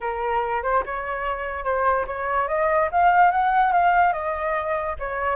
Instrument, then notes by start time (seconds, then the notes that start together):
flute
0.00 A#4
0.63 C5
0.85 C#5
1.64 C5
2.07 C#5
2.48 D#5
2.91 F5
3.31 F#5
3.72 F5
4.13 D#5
4.99 C#5